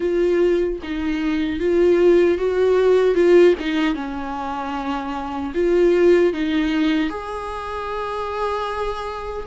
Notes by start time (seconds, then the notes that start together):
0.00 F4
0.83 D#4
1.59 F4
2.38 F#4
3.14 F4
3.59 D#4
3.95 C#4
5.54 F4
6.33 D#4
7.09 G#4